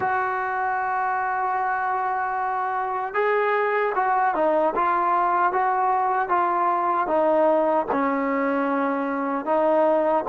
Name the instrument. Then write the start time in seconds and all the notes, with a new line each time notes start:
trombone
0.00 F#4
3.14 G#4
3.95 F#4
4.34 D#4
4.75 F4
5.52 F#4
6.28 F4
7.07 D#4
7.91 C#4
9.45 D#4